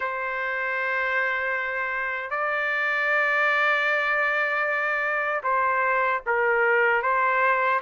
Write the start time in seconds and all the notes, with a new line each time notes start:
0.00 C5
2.30 D5
5.43 C5
6.26 A#4
7.02 C5